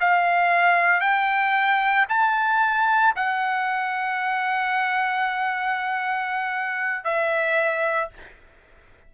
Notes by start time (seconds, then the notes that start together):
0.00 F5
1.00 G5
2.09 A5
3.16 F#5
7.04 E5